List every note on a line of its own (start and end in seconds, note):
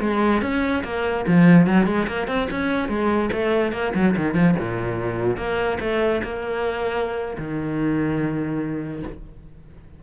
0.00 0.41 G#3
0.41 0.83 C#4
0.84 1.25 A#3
1.27 1.66 F3
1.66 1.86 F#3
1.86 2.06 G#3
2.07 2.27 A#3
2.27 2.48 C4
2.50 2.88 C#4
2.88 3.30 G#3
3.32 3.72 A3
3.72 3.92 A#3
3.94 4.15 F#3
4.16 4.34 D#3
4.34 4.55 F3
4.59 5.36 A#2
5.36 5.78 A#3
5.80 6.21 A3
6.23 7.37 A#3
7.37 9.03 D#3